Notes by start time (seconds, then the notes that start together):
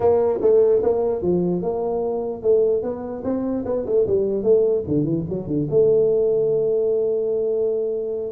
0.00 A#3
0.41 A3
0.83 A#3
1.22 F3
1.62 A#3
2.42 A3
2.82 B3
3.24 C4
3.65 B3
3.86 A3
4.06 G3
4.43 A3
4.87 D3
5.04 E3
5.29 F#3
5.47 D3
5.70 A3